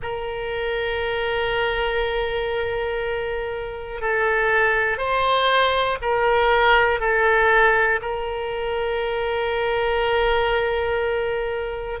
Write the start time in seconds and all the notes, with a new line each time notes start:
0.02 A#4
4.00 A4
4.97 C5
6.01 A#4
7.00 A4
8.01 A#4